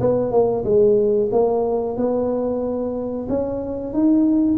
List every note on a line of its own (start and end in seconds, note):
0.00 0.31 B3
0.31 0.64 A#3
0.64 1.29 G#3
1.31 1.97 A#3
1.97 3.27 B3
3.29 3.93 C#4
3.93 4.58 D#4